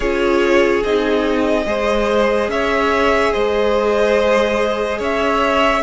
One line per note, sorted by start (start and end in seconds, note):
0.00 0.83 C#4
0.00 0.85 F4
0.00 1.64 G#4
0.00 0.83 C#5
0.84 1.65 C4
0.84 1.65 D#4
0.84 2.50 D#5
1.65 2.48 G#3
1.65 5.81 G#4
1.65 2.50 C5
2.48 3.31 C#4
2.48 3.32 C#5
2.48 3.32 E5
3.32 4.99 G#3
3.32 4.98 C5
3.32 4.99 D#5
4.98 5.82 C#4
4.98 5.82 C#5
4.98 5.82 E5